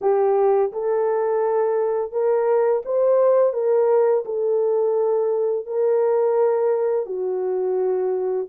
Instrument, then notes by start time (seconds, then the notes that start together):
horn
0.01 G4
0.72 A4
2.11 A#4
2.85 C5
3.53 A#4
4.25 A4
5.66 A#4
7.06 F#4